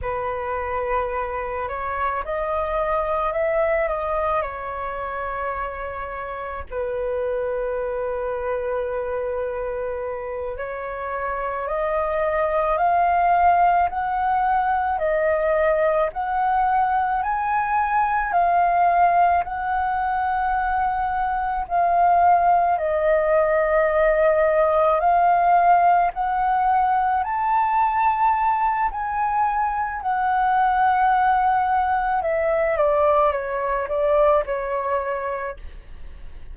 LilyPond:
\new Staff \with { instrumentName = "flute" } { \time 4/4 \tempo 4 = 54 b'4. cis''8 dis''4 e''8 dis''8 | cis''2 b'2~ | b'4. cis''4 dis''4 f''8~ | f''8 fis''4 dis''4 fis''4 gis''8~ |
gis''8 f''4 fis''2 f''8~ | f''8 dis''2 f''4 fis''8~ | fis''8 a''4. gis''4 fis''4~ | fis''4 e''8 d''8 cis''8 d''8 cis''4 | }